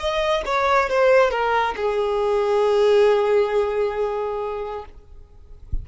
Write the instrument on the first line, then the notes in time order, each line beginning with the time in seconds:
violin
0.00 D#5
0.46 C#5
0.90 C5
1.31 A#4
1.77 G#4